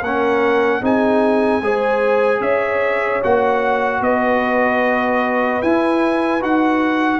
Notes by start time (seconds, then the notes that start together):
0.00 A#3 C#4 A#4 F#5
0.81 C4 D#4 G#4 G#5
1.61 G#3 G#4 C5
2.39 C#4 C#5 E5
3.23 A#3 F#4 F#5
4.00 B3 B4 D#5
5.62 E4 G#5
6.41 D#4 F#4 F#5